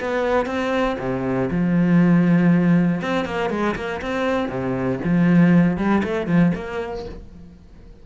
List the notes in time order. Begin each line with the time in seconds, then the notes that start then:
0.00 B3
0.46 C4
0.99 C3
1.51 F3
3.01 C4
3.25 A#3
3.50 G#3
3.76 A#3
4.02 C4
4.49 C3
5.04 F3
5.77 G3
6.04 A3
6.27 F3
6.55 A#3